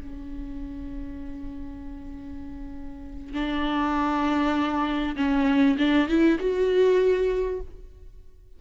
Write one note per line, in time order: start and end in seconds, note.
0.00 3.33 C#4
3.33 5.15 D4
5.16 5.76 C#4
5.78 6.08 D4
6.08 6.38 E4
6.39 7.60 F#4